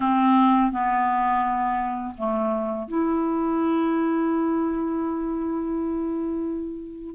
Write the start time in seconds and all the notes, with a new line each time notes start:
0.00 C4
0.71 B3
2.17 A3
2.88 E4